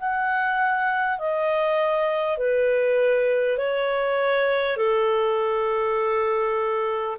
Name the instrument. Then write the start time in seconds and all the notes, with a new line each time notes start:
clarinet
0.00 F#5
1.19 D#5
2.38 B4
3.58 C#5
4.77 A4